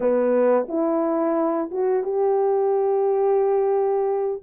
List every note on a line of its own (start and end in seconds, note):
0.00 0.67 B3
0.68 1.70 E4
1.71 2.03 F#4
2.03 4.42 G4